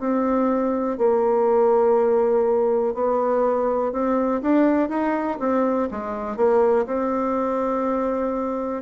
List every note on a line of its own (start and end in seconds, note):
0.00 0.98 C4
0.98 2.95 A#3
2.95 3.93 B3
3.93 4.42 C4
4.42 4.90 D4
4.90 5.39 D#4
5.40 5.89 C4
5.91 6.37 G#3
6.37 6.86 A#3
6.87 8.83 C4